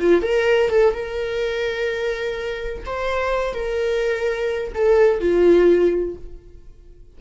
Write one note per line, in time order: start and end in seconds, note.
0.00 0.22 F4
0.22 0.70 A#4
0.70 0.94 A4
0.94 2.84 A#4
2.86 3.54 C5
3.54 4.73 A#4
4.75 5.20 A4
5.20 6.16 F4